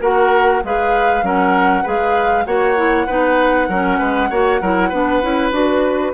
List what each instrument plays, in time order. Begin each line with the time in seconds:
0.00 bassoon A#3, clarinet F#4, oboe A#4, flute F#5
0.64 bassoon G#3, clarinet G#4, oboe B4, flute F5
1.22 bassoon F#3, clarinet C#4, oboe A#4, flute F#5
1.82 bassoon G#3, clarinet G#4, oboe B4, flute F5
2.45 bassoon A#3, clarinet F#4, oboe C#5, flute F#5
2.76 clarinet E4
3.06 bassoon B3, clarinet D#4, oboe B4
3.68 bassoon F#3, clarinet C#4, oboe A#4
3.98 bassoon G#3, oboe B4
4.30 bassoon A#3, clarinet F#4, oboe C#5
4.61 bassoon F#3, clarinet E4, oboe A#4
4.89 bassoon B3, clarinet D4, oboe B4
5.22 bassoon C#4, clarinet E4
5.51 bassoon D4, clarinet F#4, flute B4